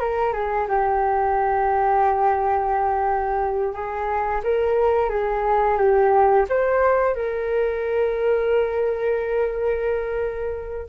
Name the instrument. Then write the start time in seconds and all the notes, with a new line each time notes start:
flute
0.00 A#4
0.33 G#4
0.68 G4
3.73 G#4
4.44 A#4
5.10 G#4
5.78 G4
6.49 C5
7.15 A#4